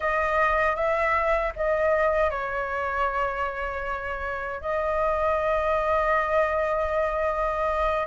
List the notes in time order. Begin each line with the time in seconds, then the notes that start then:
0.00 D#5
0.75 E5
1.56 D#5
2.30 C#5
4.60 D#5